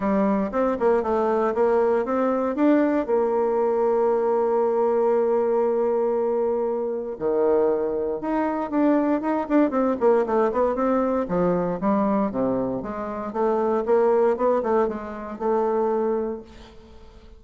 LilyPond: \new Staff \with { instrumentName = "bassoon" } { \time 4/4 \tempo 4 = 117 g4 c'8 ais8 a4 ais4 | c'4 d'4 ais2~ | ais1~ | ais2 dis2 |
dis'4 d'4 dis'8 d'8 c'8 ais8 | a8 b8 c'4 f4 g4 | c4 gis4 a4 ais4 | b8 a8 gis4 a2 | }